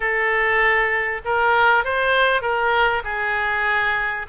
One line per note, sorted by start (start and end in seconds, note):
0.00 1.21 A4
1.24 1.84 A#4
1.84 2.41 C5
2.41 3.03 A#4
3.04 4.26 G#4